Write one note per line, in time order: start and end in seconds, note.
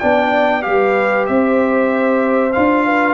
0.00 0.66 B3
0.00 0.62 D4
0.00 0.64 D5
0.00 0.63 G5
0.62 1.29 G3
0.62 2.52 G4
0.62 1.26 F5
0.68 1.31 B4
1.27 2.55 C4
1.27 2.87 C5
1.27 2.53 E5
2.53 3.15 D4
2.53 3.15 F4
2.53 3.15 F5
2.87 3.15 B4